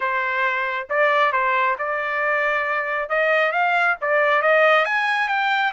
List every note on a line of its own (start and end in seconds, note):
0.00 0.87 C5
0.89 1.32 D5
1.32 1.76 C5
1.78 3.09 D5
3.09 3.52 D#5
3.52 3.96 F5
4.01 4.41 D5
4.41 4.85 D#5
4.85 5.28 G#5
5.28 5.72 G5